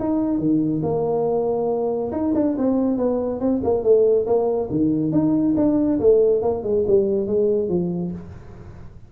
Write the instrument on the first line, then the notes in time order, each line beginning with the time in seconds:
tuba
0.00 D#4
0.39 D#3
0.83 A#3
2.12 D#4
2.35 D4
2.58 C4
2.98 B3
3.40 C4
3.64 A#3
3.84 A3
4.27 A#3
4.71 D#3
5.12 D#4
5.57 D4
6.00 A3
6.42 A#3
6.63 G#3
6.87 G3
7.27 G#3
7.69 F3